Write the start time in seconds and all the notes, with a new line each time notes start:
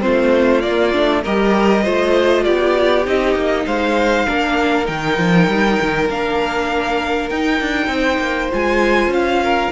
0.00 A3 C4 F4 C5
0.62 A#3 D5
0.93 A3 D4
1.23 G3 G4 A#4 D#5
1.83 A3 F4 C5
2.44 B3 G4 D5
3.05 C4 D#4 D#5
3.35 A#3
3.66 G#3 C5 F5
4.26 A#3 D4 A#4
4.85 D#3 D#4 G5
5.18 F3
5.47 G3
5.82 D#3
6.09 A#3 D4 F5
7.29 D#4 G5
7.61 D4
7.87 C4 C5
8.18 A#3
8.52 G#3 F4 G#5
9.07 C#4 F5
9.44 A#4